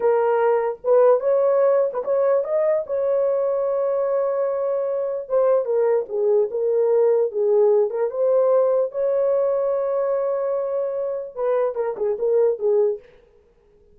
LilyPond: \new Staff \with { instrumentName = "horn" } { \time 4/4 \tempo 4 = 148 ais'2 b'4 cis''4~ | cis''8. b'16 cis''4 dis''4 cis''4~ | cis''1~ | cis''4 c''4 ais'4 gis'4 |
ais'2 gis'4. ais'8 | c''2 cis''2~ | cis''1 | b'4 ais'8 gis'8 ais'4 gis'4 | }